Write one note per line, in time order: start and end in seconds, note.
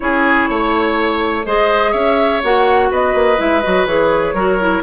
0.00 0.49 C#4
0.00 1.44 E4
0.00 0.49 G#4
0.00 1.44 C#5
0.49 1.45 A3
0.49 1.45 C#5
1.45 1.93 G#3
1.45 2.42 G#4
1.45 1.91 C5
1.45 1.93 D#5
1.91 2.42 C#4
1.91 2.88 C#5
1.91 2.41 E5
2.43 2.90 A#3
2.43 3.37 F#4
2.43 2.92 F#5
2.90 3.14 B3
2.90 4.34 B4
2.90 3.40 D#5
3.14 3.38 A#3
3.37 3.64 G#3
3.37 3.61 E4
3.37 3.61 E5
3.61 3.85 F#3
3.61 3.87 F#4
3.61 3.86 D#5
3.85 4.33 E3
3.85 4.35 G#4
3.85 4.83 C#5
4.33 4.82 F#3
4.33 4.59 F#4
4.33 4.82 A#4
4.60 4.83 E4